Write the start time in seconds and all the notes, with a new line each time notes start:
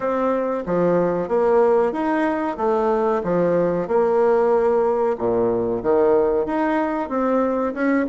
0.00 C4
0.65 F3
1.28 A#3
1.92 D#4
2.57 A3
3.23 F3
3.87 A#3
5.18 A#2
5.82 D#3
6.45 D#4
7.09 C4
7.74 C#4